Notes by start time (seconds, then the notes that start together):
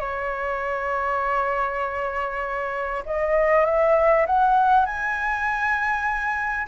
0.00 C#5
3.06 D#5
3.65 E5
4.26 F#5
4.86 G#5